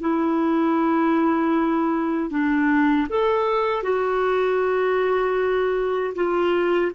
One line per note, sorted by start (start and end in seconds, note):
0.00 2.30 E4
2.30 3.07 D4
3.09 3.83 A4
3.83 6.14 F#4
6.15 6.92 F4